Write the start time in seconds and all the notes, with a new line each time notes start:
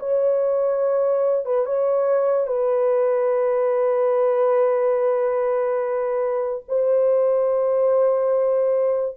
0.00 C#5
1.46 B4
1.66 C#5
2.47 B4
6.69 C5